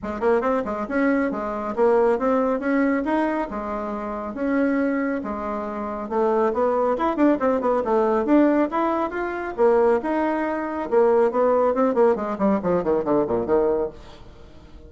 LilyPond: \new Staff \with { instrumentName = "bassoon" } { \time 4/4 \tempo 4 = 138 gis8 ais8 c'8 gis8 cis'4 gis4 | ais4 c'4 cis'4 dis'4 | gis2 cis'2 | gis2 a4 b4 |
e'8 d'8 c'8 b8 a4 d'4 | e'4 f'4 ais4 dis'4~ | dis'4 ais4 b4 c'8 ais8 | gis8 g8 f8 dis8 d8 ais,8 dis4 | }